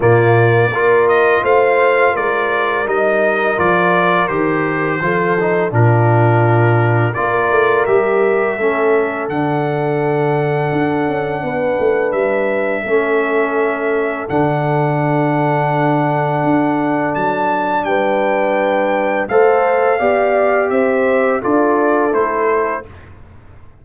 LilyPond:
<<
  \new Staff \with { instrumentName = "trumpet" } { \time 4/4 \tempo 4 = 84 d''4. dis''8 f''4 d''4 | dis''4 d''4 c''2 | ais'2 d''4 e''4~ | e''4 fis''2.~ |
fis''4 e''2. | fis''1 | a''4 g''2 f''4~ | f''4 e''4 d''4 c''4 | }
  \new Staff \with { instrumentName = "horn" } { \time 4/4 f'4 ais'4 c''4 ais'4~ | ais'2. a'4 | f'2 ais'2 | a'1 |
b'2 a'2~ | a'1~ | a'4 b'2 c''4 | d''4 c''4 a'2 | }
  \new Staff \with { instrumentName = "trombone" } { \time 4/4 ais4 f'2. | dis'4 f'4 g'4 f'8 dis'8 | d'2 f'4 g'4 | cis'4 d'2.~ |
d'2 cis'2 | d'1~ | d'2. a'4 | g'2 f'4 e'4 | }
  \new Staff \with { instrumentName = "tuba" } { \time 4/4 ais,4 ais4 a4 gis4 | g4 f4 dis4 f4 | ais,2 ais8 a8 g4 | a4 d2 d'8 cis'8 |
b8 a8 g4 a2 | d2. d'4 | fis4 g2 a4 | b4 c'4 d'4 a4 | }
>>